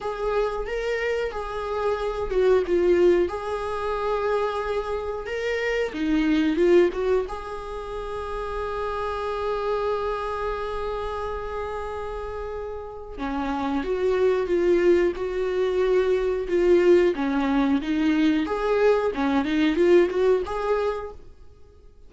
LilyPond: \new Staff \with { instrumentName = "viola" } { \time 4/4 \tempo 4 = 91 gis'4 ais'4 gis'4. fis'8 | f'4 gis'2. | ais'4 dis'4 f'8 fis'8 gis'4~ | gis'1~ |
gis'1 | cis'4 fis'4 f'4 fis'4~ | fis'4 f'4 cis'4 dis'4 | gis'4 cis'8 dis'8 f'8 fis'8 gis'4 | }